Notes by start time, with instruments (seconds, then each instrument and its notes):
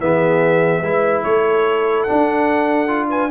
0.00 tuba E3, trombone B3, horn G#4, trumpet E5
0.82 tuba G#3, trombone E4, horn B4
1.23 tuba A3, horn A4, trumpet C#5
2.03 trombone D4, trumpet F#5
2.12 tuba D4
2.88 trombone F4
3.09 horn B4, trumpet G#5